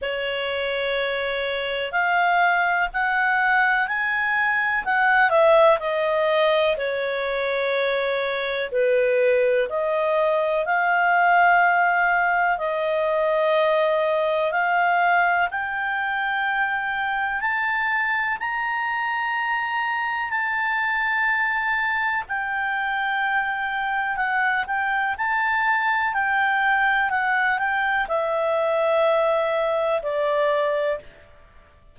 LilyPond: \new Staff \with { instrumentName = "clarinet" } { \time 4/4 \tempo 4 = 62 cis''2 f''4 fis''4 | gis''4 fis''8 e''8 dis''4 cis''4~ | cis''4 b'4 dis''4 f''4~ | f''4 dis''2 f''4 |
g''2 a''4 ais''4~ | ais''4 a''2 g''4~ | g''4 fis''8 g''8 a''4 g''4 | fis''8 g''8 e''2 d''4 | }